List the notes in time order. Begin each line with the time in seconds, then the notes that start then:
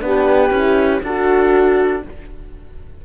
0.00 B3 D4 G4 B4
0.50 C#4 E4
1.01 D4 F#4 A4